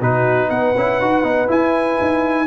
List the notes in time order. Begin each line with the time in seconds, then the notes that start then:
0.00 B2 D#4 F#4 B4
0.48 B3 B4 F#5
0.76 C#4 E4
1.01 D#4 F#4
1.23 B3 D#4
1.48 E4 G#5
2.01 D#4